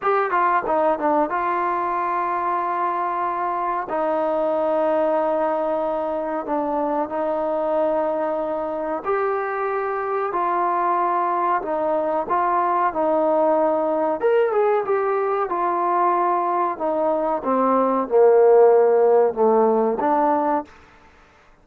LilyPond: \new Staff \with { instrumentName = "trombone" } { \time 4/4 \tempo 4 = 93 g'8 f'8 dis'8 d'8 f'2~ | f'2 dis'2~ | dis'2 d'4 dis'4~ | dis'2 g'2 |
f'2 dis'4 f'4 | dis'2 ais'8 gis'8 g'4 | f'2 dis'4 c'4 | ais2 a4 d'4 | }